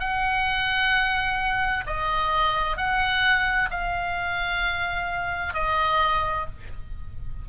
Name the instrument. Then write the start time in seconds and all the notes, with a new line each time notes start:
oboe
0.00 F#5
1.87 D#5
2.77 F#5
3.70 F5
5.54 D#5